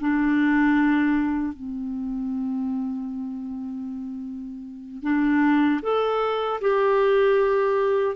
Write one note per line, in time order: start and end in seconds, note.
0.00 1.53 D4
1.53 5.03 C4
5.03 5.81 D4
5.82 6.60 A4
6.61 8.15 G4